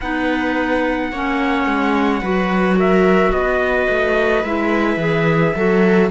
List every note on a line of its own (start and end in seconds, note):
0.00 1.11 B3
0.00 1.13 D#4
0.00 1.11 B4
0.00 2.78 F#5
1.11 1.66 A#3
1.11 2.21 C#4
1.11 2.21 C#5
1.66 2.21 G#3
2.21 3.31 F#3
2.21 4.43 F#4
2.21 2.76 B4
2.77 3.32 A#4
2.77 3.32 E5
3.31 3.87 B3
3.31 4.43 D#5
3.37 5.55 B4
3.88 4.44 A3
4.43 4.97 G#3
4.43 4.99 E4
4.43 6.10 E5
4.97 5.52 E3
4.97 5.54 G#4
5.55 6.10 F#3
5.55 6.10 F#4
5.55 6.10 A4